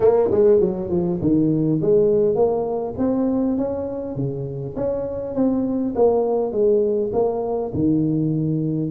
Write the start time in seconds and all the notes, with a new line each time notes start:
0.00 A#3
0.31 G#3
0.60 F#3
0.89 F3
1.21 D#3
1.81 G#3
2.35 A#3
2.98 C4
3.57 C#4
4.15 C#3
4.76 C#4
5.35 C4
5.95 A#3
6.52 G#3
7.12 A#3
7.74 D#3